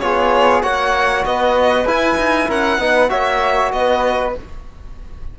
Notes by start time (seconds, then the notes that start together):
0.00 B3 F4 G#4 C#5
0.62 A#3 F#4 C#5 F#5
1.25 B3 B4 D#5
1.85 E4 G#5
2.17 D#4
2.47 C#4 A#4 F#5
2.78 B3 D#4 B4
3.09 A#3 F#4 C#5 E5
3.72 B3 B4 D#5